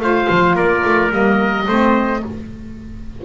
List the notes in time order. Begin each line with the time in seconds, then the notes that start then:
0.00 A3 F4 C5 F5
0.30 F3
0.56 A#3 A#4 D5
0.85 A3
1.10 G3 A#3 D#5
1.67 A3 C4 C5